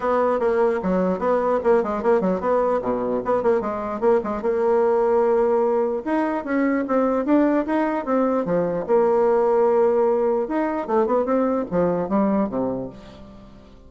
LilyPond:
\new Staff \with { instrumentName = "bassoon" } { \time 4/4 \tempo 4 = 149 b4 ais4 fis4 b4 | ais8 gis8 ais8 fis8 b4 b,4 | b8 ais8 gis4 ais8 gis8 ais4~ | ais2. dis'4 |
cis'4 c'4 d'4 dis'4 | c'4 f4 ais2~ | ais2 dis'4 a8 b8 | c'4 f4 g4 c4 | }